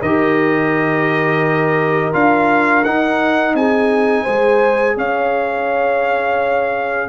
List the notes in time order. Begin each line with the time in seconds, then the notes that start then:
0.00 D#3 G4 A#4 D#5
2.12 D4 F4 F5
2.84 D#4 F#5
3.54 C4 G#4 G#5
4.23 G#3 G#4 C5
4.96 C#4 C#5 F5